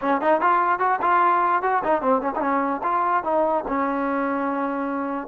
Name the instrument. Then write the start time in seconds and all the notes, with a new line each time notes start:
trombone
0.01 C#4
0.21 D#4
0.40 F4
0.79 F#4
1.01 F4
1.62 F#4
1.84 D#4
2.01 C4
2.21 C#4
2.35 C#4 D#4
2.83 F4
3.23 D#4
3.67 C#4